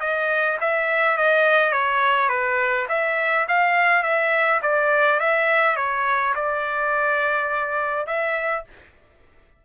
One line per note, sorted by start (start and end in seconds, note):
0.00 0.58 D#5
0.61 1.17 E5
1.17 1.72 D#5
1.72 2.29 C#5
2.29 2.87 B4
2.88 3.46 E5
3.48 4.03 F5
4.03 4.60 E5
4.62 5.19 D5
5.19 5.76 E5
5.76 6.34 C#5
6.35 8.06 D5
8.06 8.64 E5